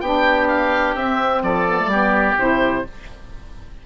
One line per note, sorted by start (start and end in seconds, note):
0.00 0.95 B3
0.00 0.97 D4
0.00 1.43 G4
0.00 0.47 G5
0.48 0.95 F5
0.95 1.42 C4
0.95 1.68 C4
0.95 1.43 E5
1.42 1.86 F3
1.42 1.90 A4
1.42 2.37 D5
1.68 1.79 B3
1.79 1.91 A3
1.86 2.33 G3
1.86 2.38 B3
1.86 2.85 G4
2.38 2.85 C3
2.38 2.86 E4
2.38 2.86 C5